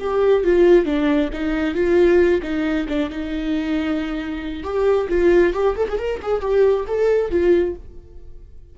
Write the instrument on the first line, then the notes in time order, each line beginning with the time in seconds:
viola
0.00 G4
0.44 F4
0.86 D4
1.33 D#4
1.75 F4
2.43 D#4
2.89 D4
3.10 D#4
4.63 G4
5.09 F4
5.54 G4
5.76 A4
5.88 G#4
5.98 A#4
6.22 G#4
6.41 G4
6.87 A4
7.31 F4